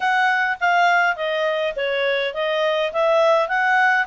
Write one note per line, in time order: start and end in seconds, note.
0.00 0.57 F#5
0.60 1.15 F5
1.15 1.74 D#5
1.76 2.34 C#5
2.34 2.92 D#5
2.93 3.48 E5
3.48 4.06 F#5